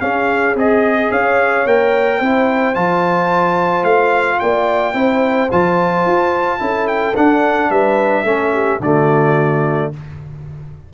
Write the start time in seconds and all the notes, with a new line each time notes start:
0.00 C#4 G#4 F5
0.54 C4 G#4 D#5
1.10 C#4 C#5 F5
1.66 A#3 A#4 G5
2.18 C4 E4 C5
2.74 F3 F4 A5
3.84 A3 F5
4.39 A#3 D5 G5
4.94 C4 E4 C5
5.51 F3 F4 A5
6.06 F4
6.58 C#4 E4 A4
6.87 G5
7.15 D4 F#5
7.69 G3 B4 E5
8.24 A3 C#4 A4
8.53 G4
8.80 D3 A3 F#4 D5